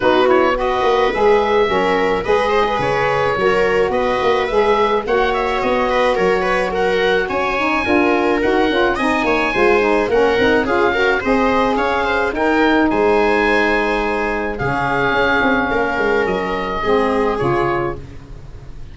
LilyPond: <<
  \new Staff \with { instrumentName = "oboe" } { \time 4/4 \tempo 4 = 107 b'8 cis''8 dis''4 e''2 | dis''4 cis''2 dis''4 | e''4 fis''8 e''8 dis''4 cis''4 | fis''4 gis''2 fis''4 |
gis''2 fis''4 f''4 | dis''4 f''4 g''4 gis''4~ | gis''2 f''2~ | f''4 dis''2 cis''4 | }
  \new Staff \with { instrumentName = "viola" } { \time 4/4 fis'4 b'2 ais'4 | b'8 c''16 b'4~ b'16 ais'4 b'4~ | b'4 cis''4. b'8 ais'8 b'8 | ais'4 cis''4 ais'2 |
dis''8 cis''8 c''4 ais'4 gis'8 ais'8 | c''4 cis''8 c''8 ais'4 c''4~ | c''2 gis'2 | ais'2 gis'2 | }
  \new Staff \with { instrumentName = "saxophone" } { \time 4/4 dis'8 e'8 fis'4 gis'4 cis'4 | gis'2 fis'2 | gis'4 fis'2.~ | fis'4. dis'8 f'4 fis'8 f'8 |
dis'4 f'8 dis'8 cis'8 dis'8 f'8 fis'8 | gis'2 dis'2~ | dis'2 cis'2~ | cis'2 c'4 f'4 | }
  \new Staff \with { instrumentName = "tuba" } { \time 4/4 b4. ais8 gis4 fis4 | gis4 cis4 fis4 b8 ais8 | gis4 ais4 b4 fis4~ | fis4 cis'4 d'4 dis'8 cis'8 |
c'8 ais8 gis4 ais8 c'8 cis'4 | c'4 cis'4 dis'4 gis4~ | gis2 cis4 cis'8 c'8 | ais8 gis8 fis4 gis4 cis4 | }
>>